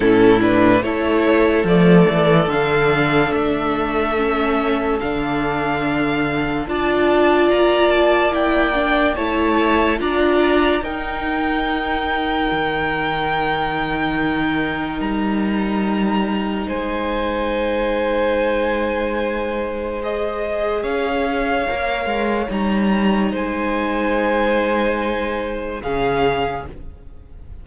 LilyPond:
<<
  \new Staff \with { instrumentName = "violin" } { \time 4/4 \tempo 4 = 72 a'8 b'8 cis''4 d''4 f''4 | e''2 f''2 | a''4 ais''8 a''8 g''4 a''4 | ais''4 g''2.~ |
g''2 ais''2 | gis''1 | dis''4 f''2 ais''4 | gis''2. f''4 | }
  \new Staff \with { instrumentName = "violin" } { \time 4/4 e'4 a'2.~ | a'1 | d''2. cis''4 | d''4 ais'2.~ |
ais'1 | c''1~ | c''4 cis''2. | c''2. gis'4 | }
  \new Staff \with { instrumentName = "viola" } { \time 4/4 cis'8 d'8 e'4 a4 d'4~ | d'4 cis'4 d'2 | f'2 e'8 d'8 e'4 | f'4 dis'2.~ |
dis'1~ | dis'1 | gis'2 ais'4 dis'4~ | dis'2. cis'4 | }
  \new Staff \with { instrumentName = "cello" } { \time 4/4 a,4 a4 f8 e8 d4 | a2 d2 | d'4 ais2 a4 | d'4 dis'2 dis4~ |
dis2 g2 | gis1~ | gis4 cis'4 ais8 gis8 g4 | gis2. cis4 | }
>>